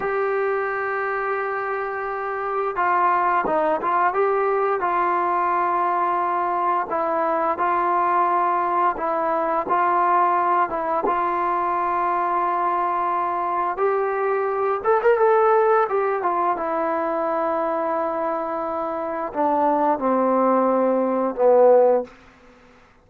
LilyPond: \new Staff \with { instrumentName = "trombone" } { \time 4/4 \tempo 4 = 87 g'1 | f'4 dis'8 f'8 g'4 f'4~ | f'2 e'4 f'4~ | f'4 e'4 f'4. e'8 |
f'1 | g'4. a'16 ais'16 a'4 g'8 f'8 | e'1 | d'4 c'2 b4 | }